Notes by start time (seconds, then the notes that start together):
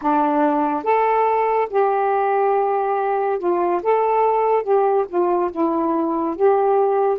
0.01 D4
0.83 A4
1.70 G4
3.38 F4
3.82 A4
4.63 G4
5.08 F4
5.51 E4
6.36 G4